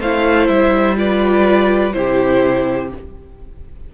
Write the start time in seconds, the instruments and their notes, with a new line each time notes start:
0.00 cello A3, viola E4, violin C5 F5
0.47 cello G3, violin E5
0.96 viola F4, violin B4 D5
1.93 cello C3, viola E4, violin G4 C5